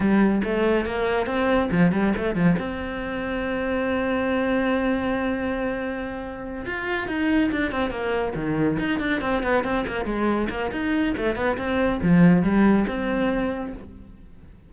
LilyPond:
\new Staff \with { instrumentName = "cello" } { \time 4/4 \tempo 4 = 140 g4 a4 ais4 c'4 | f8 g8 a8 f8 c'2~ | c'1~ | c'2.~ c'8 f'8~ |
f'8 dis'4 d'8 c'8 ais4 dis8~ | dis8 dis'8 d'8 c'8 b8 c'8 ais8 gis8~ | gis8 ais8 dis'4 a8 b8 c'4 | f4 g4 c'2 | }